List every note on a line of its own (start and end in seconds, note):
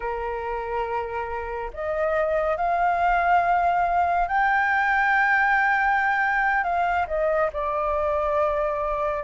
0.00 1.71 A#4
1.73 2.56 D#5
2.56 4.27 F5
4.27 6.63 G5
6.63 7.06 F5
7.07 7.50 D#5
7.52 9.23 D5